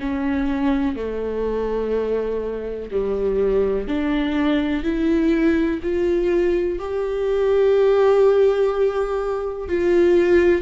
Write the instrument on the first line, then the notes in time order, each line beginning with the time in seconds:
viola
0.00 C#4
0.96 A3
2.91 G3
3.88 D4
4.84 E4
5.83 F4
6.80 G4
9.69 F4